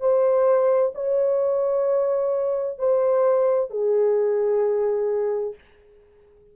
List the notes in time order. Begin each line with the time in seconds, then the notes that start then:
0.00 C5
0.94 C#5
2.78 C5
3.70 G#4